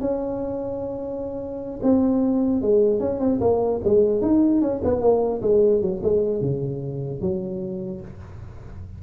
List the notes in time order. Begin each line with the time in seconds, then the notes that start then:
0.00 C#4
1.82 C4
2.61 G#3
2.99 C#4
3.19 C4
3.40 A#3
3.84 G#3
4.21 D#4
4.61 C#4
4.84 B3
5.01 A#3
5.42 G#3
5.81 F#3
6.03 G#3
6.41 C#3
7.21 F#3